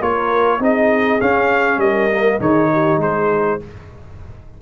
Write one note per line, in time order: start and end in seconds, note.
0.00 0.59 A#3
0.00 0.60 F4
0.00 0.60 A#4
0.00 0.62 C#5
0.59 1.20 C4
0.59 1.20 D#4
0.59 1.80 G#4
0.59 1.21 D#5
1.21 2.10 C#4
1.21 1.77 C#4
1.21 1.79 F5
1.77 2.37 G3
1.77 2.39 A#4
1.77 2.40 D#5
2.10 2.39 A#3
2.39 2.97 D#3
2.39 3.59 D#4
2.39 2.69 G#4
2.39 3.01 C#5
2.72 3.01 G4
2.97 3.57 G#3
2.97 3.61 G#4
2.97 3.62 C5